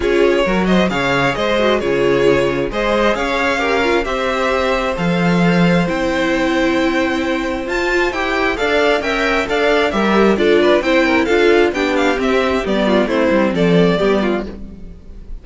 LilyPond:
<<
  \new Staff \with { instrumentName = "violin" } { \time 4/4 \tempo 4 = 133 cis''4. dis''8 f''4 dis''4 | cis''2 dis''4 f''4~ | f''4 e''2 f''4~ | f''4 g''2.~ |
g''4 a''4 g''4 f''4 | g''4 f''4 e''4 d''4 | g''4 f''4 g''8 f''8 e''4 | d''4 c''4 d''2 | }
  \new Staff \with { instrumentName = "violin" } { \time 4/4 gis'4 ais'8 c''8 cis''4 c''4 | gis'2 c''4 cis''4 | ais'4 c''2.~ | c''1~ |
c''2. d''4 | e''4 d''4 ais'4 a'8 b'8 | c''8 ais'8 a'4 g'2~ | g'8 f'8 e'4 a'4 g'8 f'8 | }
  \new Staff \with { instrumentName = "viola" } { \time 4/4 f'4 fis'4 gis'4. fis'8 | f'2 gis'2 | g'8 f'8 g'2 a'4~ | a'4 e'2.~ |
e'4 f'4 g'4 a'4 | ais'4 a'4 g'4 f'4 | e'4 f'4 d'4 c'4 | b4 c'2 b4 | }
  \new Staff \with { instrumentName = "cello" } { \time 4/4 cis'4 fis4 cis4 gis4 | cis2 gis4 cis'4~ | cis'4 c'2 f4~ | f4 c'2.~ |
c'4 f'4 e'4 d'4 | cis'4 d'4 g4 d'4 | c'4 d'4 b4 c'4 | g4 a8 g8 f4 g4 | }
>>